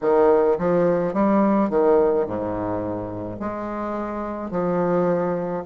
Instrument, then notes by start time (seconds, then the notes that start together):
bassoon
0.01 D#3
0.58 F3
1.13 G3
1.69 D#3
2.26 G#2
3.40 G#3
4.50 F3